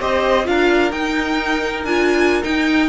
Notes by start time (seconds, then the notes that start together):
0.00 C4 G4 C5 D#5
0.44 D4 F4 A#4 F5
0.92 D#4 G5
1.85 D4 F4 G#5
2.42 D#4 G5